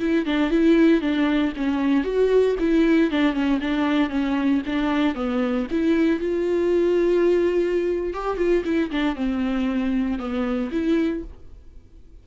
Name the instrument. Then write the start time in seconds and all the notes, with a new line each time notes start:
viola
0.00 E4
0.26 D4
0.51 E4
1.02 D4
1.57 C#4
2.05 F#4
2.60 E4
3.11 D4
3.34 C#4
3.61 D4
4.10 C#4
4.66 D4
5.15 B3
5.71 E4
6.20 F4
8.14 G4
8.38 F4
8.65 E4
8.91 D4
9.16 C4
10.19 B3
10.72 E4